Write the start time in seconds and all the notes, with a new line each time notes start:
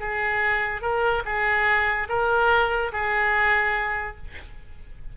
0.00 G#4
0.81 A#4
1.25 G#4
2.09 A#4
2.92 G#4